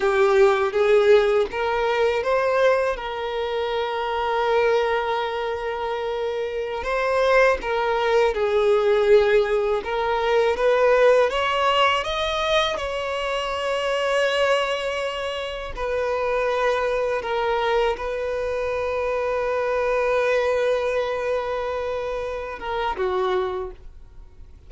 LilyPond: \new Staff \with { instrumentName = "violin" } { \time 4/4 \tempo 4 = 81 g'4 gis'4 ais'4 c''4 | ais'1~ | ais'4~ ais'16 c''4 ais'4 gis'8.~ | gis'4~ gis'16 ais'4 b'4 cis''8.~ |
cis''16 dis''4 cis''2~ cis''8.~ | cis''4~ cis''16 b'2 ais'8.~ | ais'16 b'2.~ b'8.~ | b'2~ b'8 ais'8 fis'4 | }